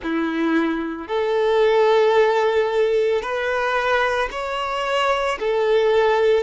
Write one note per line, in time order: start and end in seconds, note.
0.02 1.07 E4
1.07 3.21 A4
3.21 4.29 B4
4.31 5.38 C#5
5.39 6.43 A4